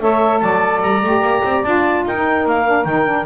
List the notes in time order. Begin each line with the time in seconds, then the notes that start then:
0.00 A3 A4 C#5 E5
0.40 F#3 D5 A5
0.82 G3 A#5
1.03 A3 G4
1.22 A#3
1.44 C4
1.64 D4 F4 A5
2.05 D#4 A#4 G5
2.14 D#4
2.45 A#3 F5
2.66 D4
2.85 D#3 D#4 G5
3.06 D4